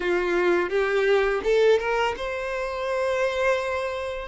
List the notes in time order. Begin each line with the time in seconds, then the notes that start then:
0.00 F4
0.69 G4
1.43 A4
1.79 A#4
2.16 C5